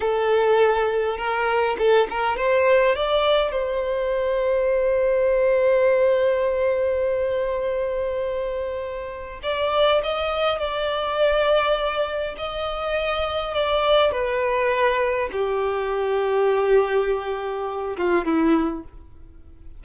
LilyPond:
\new Staff \with { instrumentName = "violin" } { \time 4/4 \tempo 4 = 102 a'2 ais'4 a'8 ais'8 | c''4 d''4 c''2~ | c''1~ | c''1 |
d''4 dis''4 d''2~ | d''4 dis''2 d''4 | b'2 g'2~ | g'2~ g'8 f'8 e'4 | }